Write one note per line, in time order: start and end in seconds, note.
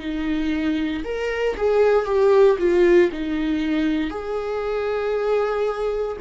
0.00 1.03 D#4
1.04 1.56 A#4
1.57 2.06 G#4
2.06 2.58 G4
2.59 3.11 F4
3.12 4.11 D#4
4.11 6.17 G#4